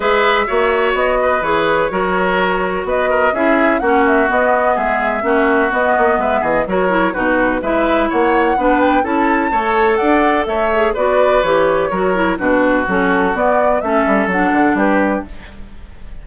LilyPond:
<<
  \new Staff \with { instrumentName = "flute" } { \time 4/4 \tempo 4 = 126 e''2 dis''4 cis''4~ | cis''2 dis''4 e''4 | fis''8 e''8 dis''4 e''2 | dis''4 e''8 dis''8 cis''4 b'4 |
e''4 fis''4. g''8 a''4~ | a''4 fis''4 e''4 d''4 | cis''2 b'4 a'4 | d''4 e''4 fis''4 b'4 | }
  \new Staff \with { instrumentName = "oboe" } { \time 4/4 b'4 cis''4. b'4. | ais'2 b'8 ais'8 gis'4 | fis'2 gis'4 fis'4~ | fis'4 b'8 gis'8 ais'4 fis'4 |
b'4 cis''4 b'4 a'4 | cis''4 d''4 cis''4 b'4~ | b'4 ais'4 fis'2~ | fis'4 a'2 g'4 | }
  \new Staff \with { instrumentName = "clarinet" } { \time 4/4 gis'4 fis'2 gis'4 | fis'2. e'4 | cis'4 b2 cis'4 | b2 fis'8 e'8 dis'4 |
e'2 d'4 e'4 | a'2~ a'8 gis'8 fis'4 | g'4 fis'8 e'8 d'4 cis'4 | b4 cis'4 d'2 | }
  \new Staff \with { instrumentName = "bassoon" } { \time 4/4 gis4 ais4 b4 e4 | fis2 b4 cis'4 | ais4 b4 gis4 ais4 | b8 ais8 gis8 e8 fis4 b,4 |
gis4 ais4 b4 cis'4 | a4 d'4 a4 b4 | e4 fis4 b,4 fis4 | b4 a8 g8 fis8 d8 g4 | }
>>